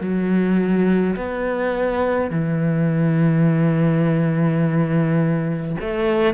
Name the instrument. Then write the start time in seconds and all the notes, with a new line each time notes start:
cello
0.00 F#3
1.15 B3
2.30 E3
5.81 A3